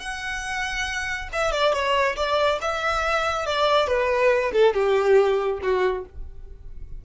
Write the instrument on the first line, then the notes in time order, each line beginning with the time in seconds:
violin
0.00 F#5
1.33 E5
1.52 D5
1.73 C#5
2.16 D5
2.61 E5
3.47 D5
3.87 B4
4.53 A4
4.74 G4
5.62 F#4